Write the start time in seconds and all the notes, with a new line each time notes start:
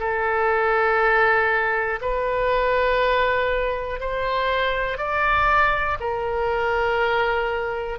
0.00 A4
2.01 B4
4.00 C5
4.98 D5
6.00 A#4